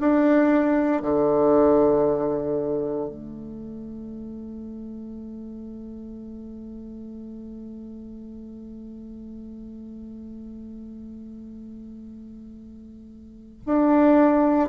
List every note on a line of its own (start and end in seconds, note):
0.00 1.02 D4
1.02 3.09 D3
3.09 13.62 A3
13.66 14.69 D4